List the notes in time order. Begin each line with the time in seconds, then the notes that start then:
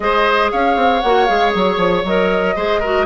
0.00 G#3 G#4 C5 D#5
0.51 C#4 C#5 F5
0.76 C4
1.01 A#3 F#4 F#5
1.25 G#3 G#4 F5
1.54 F#3 C#5
1.77 F3
2.04 F#3 A#4 D#5
2.55 G#3 G#4 C5
2.80 F#4 A#4